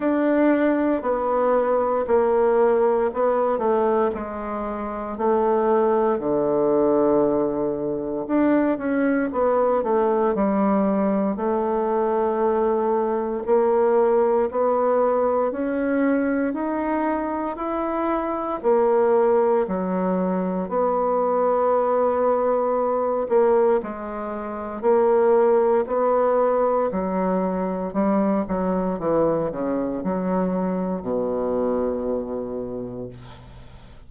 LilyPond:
\new Staff \with { instrumentName = "bassoon" } { \time 4/4 \tempo 4 = 58 d'4 b4 ais4 b8 a8 | gis4 a4 d2 | d'8 cis'8 b8 a8 g4 a4~ | a4 ais4 b4 cis'4 |
dis'4 e'4 ais4 fis4 | b2~ b8 ais8 gis4 | ais4 b4 fis4 g8 fis8 | e8 cis8 fis4 b,2 | }